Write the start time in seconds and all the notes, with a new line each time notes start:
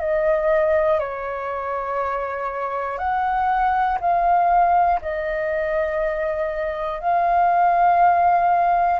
0.00 D#5
1.00 C#5
2.98 F#5
4.00 F5
5.01 D#5
7.00 F5